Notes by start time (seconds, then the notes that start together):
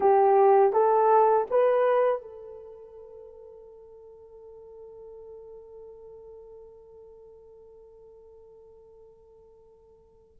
0.00 G4
0.72 A4
1.50 B4
2.21 A4